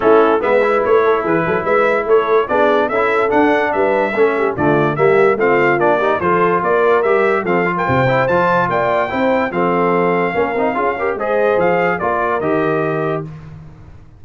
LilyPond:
<<
  \new Staff \with { instrumentName = "trumpet" } { \time 4/4 \tempo 4 = 145 a'4 e''4 cis''4 b'4 | e''4 cis''4 d''4 e''4 | fis''4 e''2 d''4 | e''4 f''4 d''4 c''4 |
d''4 e''4 f''8. g''4~ g''16 | a''4 g''2 f''4~ | f''2. dis''4 | f''4 d''4 dis''2 | }
  \new Staff \with { instrumentName = "horn" } { \time 4/4 e'4 b'4. a'8 gis'8 a'8 | b'4 a'4 gis'4 a'4~ | a'4 b'4 a'8 g'8 f'4 | g'4 f'4. g'8 a'4 |
ais'2 a'8. ais'16 c''4~ | c''4 d''4 c''4 a'4~ | a'4 ais'4 gis'8 ais'8 c''4~ | c''4 ais'2. | }
  \new Staff \with { instrumentName = "trombone" } { \time 4/4 cis'4 b8 e'2~ e'8~ | e'2 d'4 e'4 | d'2 cis'4 a4 | ais4 c'4 d'8 dis'8 f'4~ |
f'4 g'4 c'8 f'4 e'8 | f'2 e'4 c'4~ | c'4 cis'8 dis'8 f'8 g'8 gis'4~ | gis'4 f'4 g'2 | }
  \new Staff \with { instrumentName = "tuba" } { \time 4/4 a4 gis4 a4 e8 fis8 | gis4 a4 b4 cis'4 | d'4 g4 a4 d4 | g4 a4 ais4 f4 |
ais4 g4 f4 c4 | f4 ais4 c'4 f4~ | f4 ais8 c'8 cis'4 gis4 | f4 ais4 dis2 | }
>>